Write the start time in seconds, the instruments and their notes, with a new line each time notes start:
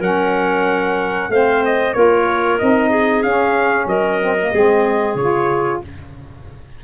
0.00 tuba F#3, saxophone C#4, clarinet A#4, trumpet F#5
1.29 tuba A3, saxophone C4, clarinet C5, trumpet F5
1.65 trumpet D#5
1.93 tuba A#3, saxophone F4, clarinet A#4, trumpet C#5
2.59 tuba C4, saxophone D#4, trumpet D#5
2.90 clarinet G#4
3.23 tuba C#4, saxophone C#4, trumpet F5
3.86 tuba F#3, clarinet A#4, trumpet D#5
4.20 saxophone C4
4.40 saxophone A#3
4.52 tuba G#3, saxophone C4, clarinet G#4
5.15 tuba C#3, saxophone F4, trumpet C#5